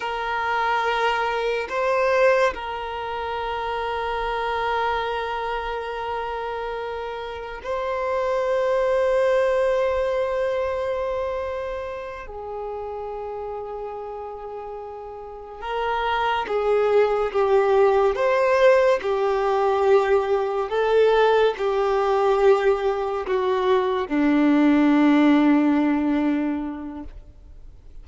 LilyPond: \new Staff \with { instrumentName = "violin" } { \time 4/4 \tempo 4 = 71 ais'2 c''4 ais'4~ | ais'1~ | ais'4 c''2.~ | c''2~ c''8 gis'4.~ |
gis'2~ gis'8 ais'4 gis'8~ | gis'8 g'4 c''4 g'4.~ | g'8 a'4 g'2 fis'8~ | fis'8 d'2.~ d'8 | }